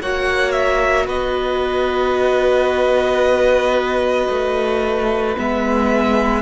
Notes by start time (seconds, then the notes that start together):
0.00 A#3 F#4 C#5 F#5
0.52 E5
1.06 B3 B4 D#5
4.29 A3
5.36 G#3 B3 E5